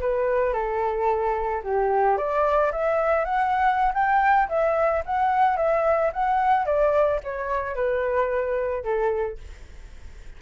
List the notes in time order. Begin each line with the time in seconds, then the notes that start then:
0.00 B4
0.53 A4
1.63 G4
2.17 D5
2.71 E5
3.24 F#5
3.93 G5
4.49 E5
5.05 F#5
5.56 E5
6.13 F#5
6.65 D5
7.23 C#5
7.75 B4
8.83 A4